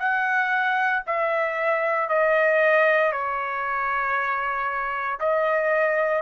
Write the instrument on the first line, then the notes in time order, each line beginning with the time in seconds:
trumpet
0.00 F#5
1.07 E5
2.10 D#5
3.13 C#5
5.20 D#5